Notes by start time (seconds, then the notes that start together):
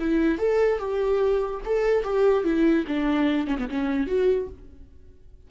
0.00 E4
0.39 A4
0.79 G4
1.66 A4
2.04 G4
2.45 E4
2.88 D4
3.48 C#4
3.59 B3
3.69 C#4
4.08 F#4